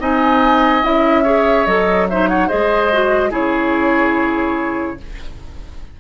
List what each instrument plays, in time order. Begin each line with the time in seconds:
0.00 bassoon C4, clarinet D#4, oboe D#5, flute G#5
0.83 bassoon C#4, clarinet E4, flute E5
1.23 clarinet G#4, oboe C#5
1.66 bassoon F#3, clarinet A4, flute D#5
2.09 clarinet D#4, oboe C5, flute E5
2.29 oboe C#5, flute F#5
2.48 bassoon G#3, clarinet G#4, oboe C5, flute D#5
2.93 clarinet F#4
3.30 bassoon C#3, clarinet E4, oboe G#4, flute C#5